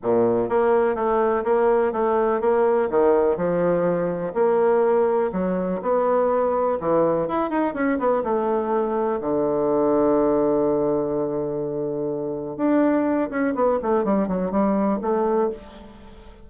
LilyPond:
\new Staff \with { instrumentName = "bassoon" } { \time 4/4 \tempo 4 = 124 ais,4 ais4 a4 ais4 | a4 ais4 dis4 f4~ | f4 ais2 fis4 | b2 e4 e'8 dis'8 |
cis'8 b8 a2 d4~ | d1~ | d2 d'4. cis'8 | b8 a8 g8 fis8 g4 a4 | }